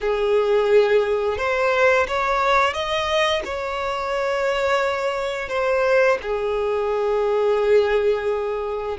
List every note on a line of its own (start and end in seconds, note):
0.00 1.37 G#4
1.37 2.06 C5
2.07 2.73 C#5
2.73 3.42 D#5
3.44 5.49 C#5
5.49 6.18 C5
6.21 8.97 G#4